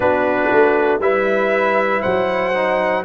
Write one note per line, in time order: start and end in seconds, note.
0.00 0.49 B3
0.00 1.00 D4
0.00 1.00 F#4
0.00 1.00 B4
0.51 0.99 A3
0.99 2.01 G3
0.99 2.53 E4
0.99 2.01 B4
0.99 2.01 E5
2.01 3.04 F#3
2.01 3.03 C5
2.01 3.03 F#5
2.53 3.04 D#4